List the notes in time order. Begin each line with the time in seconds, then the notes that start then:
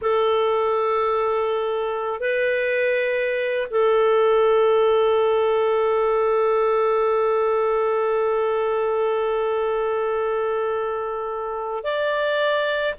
0.01 A4
2.20 B4
3.70 A4
11.83 D5